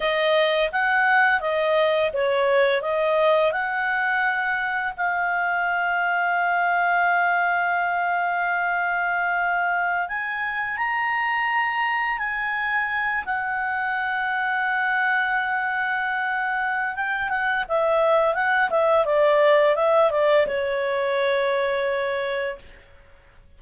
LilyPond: \new Staff \with { instrumentName = "clarinet" } { \time 4/4 \tempo 4 = 85 dis''4 fis''4 dis''4 cis''4 | dis''4 fis''2 f''4~ | f''1~ | f''2~ f''16 gis''4 ais''8.~ |
ais''4~ ais''16 gis''4. fis''4~ fis''16~ | fis''1 | g''8 fis''8 e''4 fis''8 e''8 d''4 | e''8 d''8 cis''2. | }